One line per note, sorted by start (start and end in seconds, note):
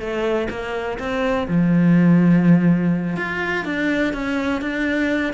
0.00 0.48 A3
0.50 0.99 A#3
0.99 1.48 C4
1.48 3.17 F3
3.17 3.65 F4
3.65 4.13 D4
4.14 4.62 C#4
4.62 5.34 D4